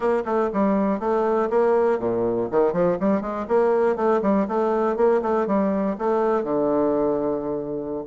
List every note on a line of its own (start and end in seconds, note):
0.00 0.23 A#3
0.25 0.50 A3
0.53 0.99 G3
0.99 1.49 A3
1.50 1.99 A#3
1.99 2.48 A#2
2.51 2.73 D#3
2.73 2.97 F3
3.00 3.21 G3
3.21 3.46 G#3
3.48 3.96 A#3
3.96 4.21 A3
4.22 4.47 G3
4.47 4.96 A3
4.96 5.21 A#3
5.22 5.47 A3
5.47 5.96 G3
5.98 6.43 A3
6.43 8.04 D3